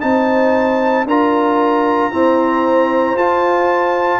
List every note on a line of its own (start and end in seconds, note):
0.00 1.05 C4
0.00 1.05 D#4
0.00 1.07 C5
0.00 1.05 A5
1.05 2.10 D4
1.05 2.11 F4
1.05 2.12 A#4
1.05 3.17 A#5
2.11 3.16 C4
2.11 3.14 E4
2.11 4.20 C5
3.14 4.19 F4
3.14 4.20 F4
3.14 4.20 A5